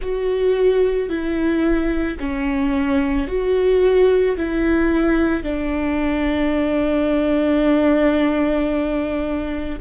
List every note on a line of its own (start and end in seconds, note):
0.01 1.09 F#4
1.09 2.18 E4
2.19 3.27 C#4
3.27 4.36 F#4
4.36 5.43 E4
5.43 9.79 D4